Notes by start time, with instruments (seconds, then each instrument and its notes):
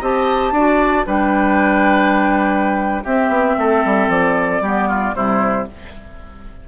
0.00 bassoon C4, clarinet G4, oboe D#5, flute A5
0.51 bassoon D4, clarinet F#4, oboe D5
1.05 bassoon G3, clarinet D4, oboe B4, flute G5
3.03 bassoon C4, clarinet C4, oboe G4, flute E5
3.28 bassoon B3
3.58 bassoon A3, oboe A4
3.85 bassoon G3
4.08 bassoon F3, flute D5
4.60 bassoon G3, clarinet B3, oboe G4
4.88 oboe F4
5.13 bassoon C3, clarinet G3, oboe E4, flute C5